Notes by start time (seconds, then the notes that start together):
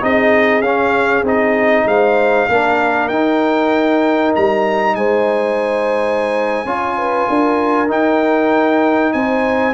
0.00 C4 D#4 G#4 D#5
0.60 C#4 F5
1.22 C4 D#4 D#5
1.84 G#3 C5 F5
2.48 A#3 D4 A#4
3.08 D#4 G5
4.35 G3 A#5
4.95 G#3 C5 G#5
6.65 C#4 F4 C#5
6.98 B4
7.28 D4 A#4
7.87 D#4 G5
9.12 C4 C5 G#5